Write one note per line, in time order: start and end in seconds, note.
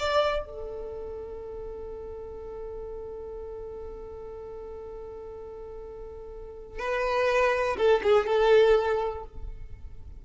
0.00 0.46 D5
0.46 6.80 A4
6.80 7.77 B4
7.77 8.02 A4
8.03 8.27 G#4
8.27 9.25 A4